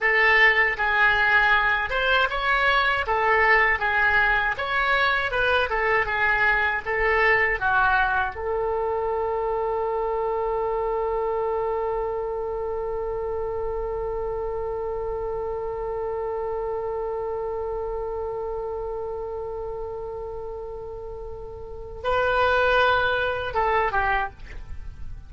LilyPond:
\new Staff \with { instrumentName = "oboe" } { \time 4/4 \tempo 4 = 79 a'4 gis'4. c''8 cis''4 | a'4 gis'4 cis''4 b'8 a'8 | gis'4 a'4 fis'4 a'4~ | a'1~ |
a'1~ | a'1~ | a'1~ | a'4 b'2 a'8 g'8 | }